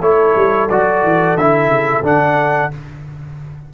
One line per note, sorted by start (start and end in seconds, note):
0.00 0.34 A3
0.00 0.69 E4
0.00 2.70 A4
0.00 0.69 C#5
0.35 0.69 G3
0.69 1.03 F#3
0.69 1.38 F#4
0.69 1.37 D5
1.03 1.36 E3
1.36 1.66 D3
1.36 2.03 E4
1.36 2.04 E5
1.66 2.00 C#3
2.02 2.69 D3
2.02 2.71 D4
2.02 2.73 F#5